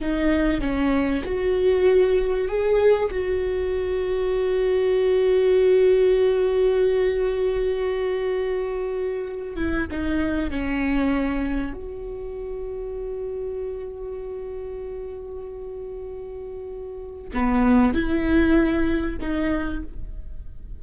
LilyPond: \new Staff \with { instrumentName = "viola" } { \time 4/4 \tempo 4 = 97 dis'4 cis'4 fis'2 | gis'4 fis'2.~ | fis'1~ | fis'2.~ fis'8 e'8 |
dis'4 cis'2 fis'4~ | fis'1~ | fis'1 | b4 e'2 dis'4 | }